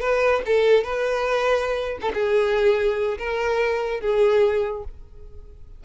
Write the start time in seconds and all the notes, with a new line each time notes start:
0.00 B4
0.46 A4
0.84 B4
2.01 A4
2.14 G#4
3.18 A#4
4.00 G#4